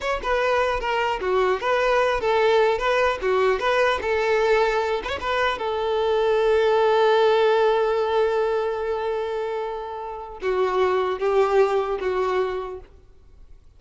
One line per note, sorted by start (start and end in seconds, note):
0.00 0.20 C#5
0.22 0.80 B4
0.80 1.20 A#4
1.20 1.60 F#4
1.60 2.20 B4
2.20 2.78 A4
2.78 3.18 B4
3.21 3.59 F#4
3.59 3.99 B4
4.01 5.01 A4
5.04 5.08 B4
5.04 5.18 C#5
5.20 5.58 B4
5.58 10.38 A4
10.42 11.19 F#4
11.19 11.99 G4
12.00 12.80 F#4